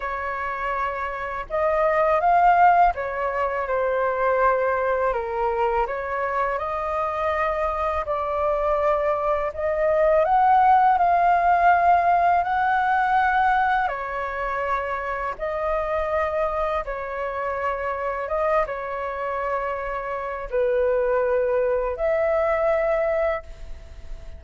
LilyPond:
\new Staff \with { instrumentName = "flute" } { \time 4/4 \tempo 4 = 82 cis''2 dis''4 f''4 | cis''4 c''2 ais'4 | cis''4 dis''2 d''4~ | d''4 dis''4 fis''4 f''4~ |
f''4 fis''2 cis''4~ | cis''4 dis''2 cis''4~ | cis''4 dis''8 cis''2~ cis''8 | b'2 e''2 | }